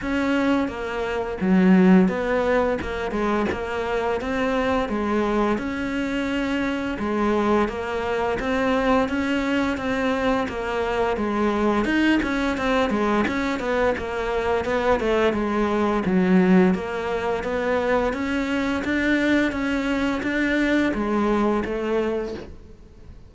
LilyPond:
\new Staff \with { instrumentName = "cello" } { \time 4/4 \tempo 4 = 86 cis'4 ais4 fis4 b4 | ais8 gis8 ais4 c'4 gis4 | cis'2 gis4 ais4 | c'4 cis'4 c'4 ais4 |
gis4 dis'8 cis'8 c'8 gis8 cis'8 b8 | ais4 b8 a8 gis4 fis4 | ais4 b4 cis'4 d'4 | cis'4 d'4 gis4 a4 | }